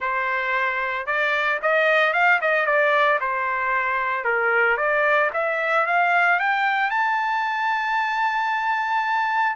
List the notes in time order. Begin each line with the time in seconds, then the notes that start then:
0.00 C5
1.06 D5
1.62 D#5
2.13 F5
2.41 D#5
2.66 D5
3.20 C5
4.24 A#4
4.77 D5
5.33 E5
5.86 F5
6.39 G5
6.90 A5